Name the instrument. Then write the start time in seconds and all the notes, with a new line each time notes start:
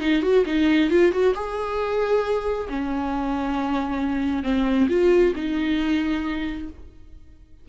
viola
0.00 D#4
0.22 F#4
0.45 D#4
0.90 F4
1.12 F#4
1.34 G#4
2.69 C#4
4.43 C4
4.88 F4
5.35 D#4